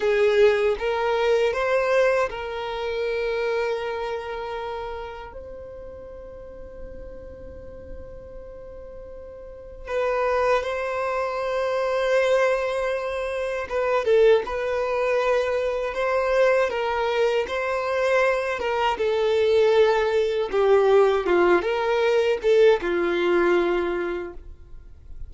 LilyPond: \new Staff \with { instrumentName = "violin" } { \time 4/4 \tempo 4 = 79 gis'4 ais'4 c''4 ais'4~ | ais'2. c''4~ | c''1~ | c''4 b'4 c''2~ |
c''2 b'8 a'8 b'4~ | b'4 c''4 ais'4 c''4~ | c''8 ais'8 a'2 g'4 | f'8 ais'4 a'8 f'2 | }